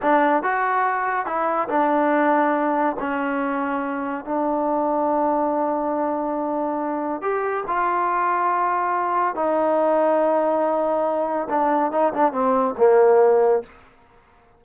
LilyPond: \new Staff \with { instrumentName = "trombone" } { \time 4/4 \tempo 4 = 141 d'4 fis'2 e'4 | d'2. cis'4~ | cis'2 d'2~ | d'1~ |
d'4 g'4 f'2~ | f'2 dis'2~ | dis'2. d'4 | dis'8 d'8 c'4 ais2 | }